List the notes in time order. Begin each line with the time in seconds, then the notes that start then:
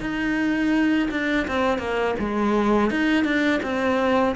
0.00 D#4
1.10 D4
1.47 C4
1.78 A#3
2.19 G#3
2.90 D#4
3.24 D4
3.62 C4